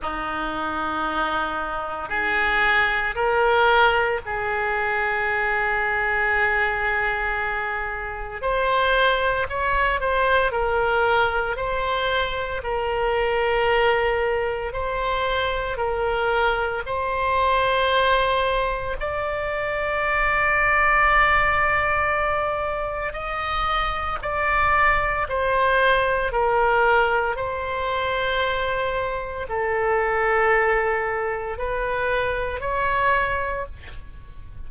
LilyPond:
\new Staff \with { instrumentName = "oboe" } { \time 4/4 \tempo 4 = 57 dis'2 gis'4 ais'4 | gis'1 | c''4 cis''8 c''8 ais'4 c''4 | ais'2 c''4 ais'4 |
c''2 d''2~ | d''2 dis''4 d''4 | c''4 ais'4 c''2 | a'2 b'4 cis''4 | }